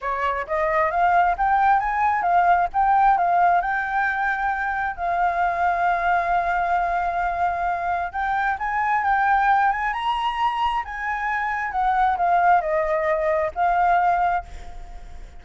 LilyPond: \new Staff \with { instrumentName = "flute" } { \time 4/4 \tempo 4 = 133 cis''4 dis''4 f''4 g''4 | gis''4 f''4 g''4 f''4 | g''2. f''4~ | f''1~ |
f''2 g''4 gis''4 | g''4. gis''8 ais''2 | gis''2 fis''4 f''4 | dis''2 f''2 | }